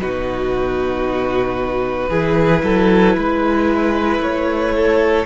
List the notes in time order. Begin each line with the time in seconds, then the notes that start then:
0.00 B2 D#4 F#4 B4
2.09 E3 E4 G#4
2.63 F#3 A4
3.16 G#3 B4
4.19 A3 C#5
4.75 A4